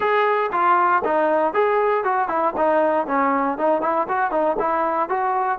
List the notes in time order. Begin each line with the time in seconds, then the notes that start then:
0.00 G#4
0.52 F4
1.04 D#4
1.53 G#4
2.04 F#4
2.28 E4
2.57 D#4
3.06 C#4
3.58 D#4
3.81 E4
4.08 F#4
4.31 D#4
4.59 E4
5.09 F#4